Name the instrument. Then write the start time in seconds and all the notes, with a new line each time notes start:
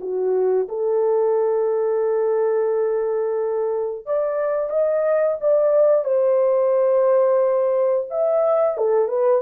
horn
0.00 F#4
0.68 A4
4.05 D5
4.69 D#5
5.40 D5
6.04 C5
8.10 E5
8.77 A4
9.08 B4